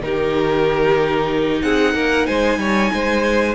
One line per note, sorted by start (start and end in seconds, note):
0.00 1.62 D#3
0.00 3.55 D#4
0.00 1.63 G4
0.00 1.62 A#4
1.62 1.94 C4
1.62 1.94 G#4
1.62 2.26 F#5
1.94 2.27 A#3
1.94 2.26 A#4
2.26 2.58 G#3
2.26 2.59 C5
2.26 3.55 G#5
2.58 2.90 G3
2.58 2.92 C#5
2.93 3.55 G#3
2.93 3.55 C5